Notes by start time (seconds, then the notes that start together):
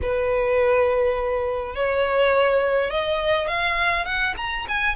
0.02 B4
1.75 C#5
2.90 D#5
3.47 F5
4.05 F#5
4.37 A#5
4.68 G#5